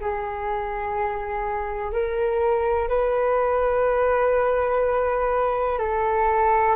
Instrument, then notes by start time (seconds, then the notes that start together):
flute
0.00 G#4
1.92 A#4
2.89 B4
5.78 A4